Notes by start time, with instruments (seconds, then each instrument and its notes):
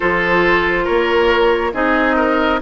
0.00 bassoon F3, clarinet F4, oboe A4, flute C5
0.84 bassoon A#3, oboe A#4, flute C#5
1.73 bassoon C4, clarinet D#4, oboe G#4, flute D#5
2.16 oboe A#4